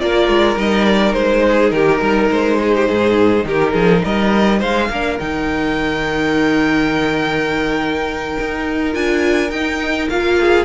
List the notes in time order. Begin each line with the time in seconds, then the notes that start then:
0.00 A#3 F4 A#4 D5
0.29 G#3
0.56 G3 D#4 D#5
0.85 D5
1.13 G#3 C5
1.47 G#4
1.70 D#3 G4 A#4
2.01 G3 A#4
2.31 G#3 C5
2.62 G#4
2.75 G4
2.88 G#2 G#4
3.44 D#3 G4 A#4
3.73 F3 G#4
4.04 G3 A#4 D#5
4.59 G#3 C5 F5
4.90 A#3 D4 A#4
5.19 D#3 D#4 G5
8.40 D#4
8.92 D4 F4 G#5
9.51 D#4 G5
10.10 A#3 F4 F5
10.40 G#4